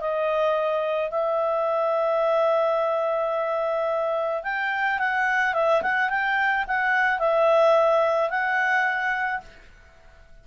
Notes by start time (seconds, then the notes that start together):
0.00 D#5
1.10 E5
4.43 G5
4.99 F#5
5.54 E5
5.82 F#5
6.10 G5
6.67 F#5
7.19 E5
8.30 F#5